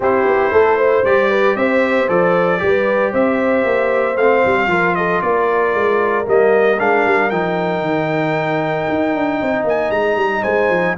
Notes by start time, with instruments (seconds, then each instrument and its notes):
0.00 tuba C4, trombone E4, horn G4, trumpet C5
0.25 tuba B3
0.52 tuba A3, horn A4
0.77 horn C5
1.04 tuba G3, trombone G4, trumpet D5
1.29 horn B4
1.55 tuba C4, horn C5, trumpet E5
2.08 tuba F3, trombone A4, trumpet D5
2.58 tuba G3, trombone G4, horn B4
3.11 tuba C4, horn C5, trumpet E5
3.65 tuba A#3
4.17 tuba A3, trombone C4, trumpet F5
4.45 tuba G3
4.67 tuba F3, trombone F4, horn A#4
4.95 horn A4, trumpet D#5
5.21 tuba A#3, horn A#4, trumpet D5
5.74 tuba G#3
6.25 tuba G3, trombone A#3, trumpet D#5
6.78 tuba G#3, trombone D4, trumpet F5
7.05 tuba G3
7.30 tuba F3, trombone D#4, trumpet G5
7.80 tuba D#3
8.88 tuba D#4
9.14 tuba D4
9.41 tuba C4, horn D#5
9.64 tuba A#3, trumpet G#5
9.90 tuba G#3, trumpet A#5
10.16 tuba G3
10.42 tuba G#3, horn C5, trumpet G#5
10.69 tuba F3